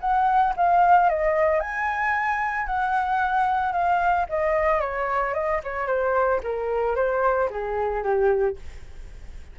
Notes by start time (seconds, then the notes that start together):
0.00 F#5
0.56 F5
1.09 D#5
1.59 G#5
2.66 F#5
3.72 F5
4.29 D#5
4.80 C#5
5.34 D#5
5.63 C#5
5.87 C5
6.43 A#4
6.95 C5
7.50 G#4
8.03 G4